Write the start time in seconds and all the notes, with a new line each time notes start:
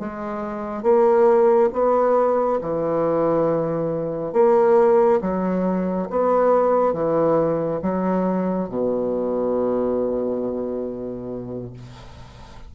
0.00 G#3
0.83 A#3
1.73 B3
2.62 E3
4.34 A#3
5.22 F#3
6.11 B3
6.94 E3
7.83 F#3
8.69 B2